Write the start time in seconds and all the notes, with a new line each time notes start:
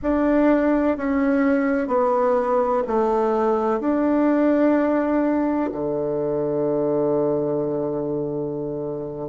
0.02 D4
0.97 C#4
1.87 B3
2.87 A3
3.80 D4
5.71 D3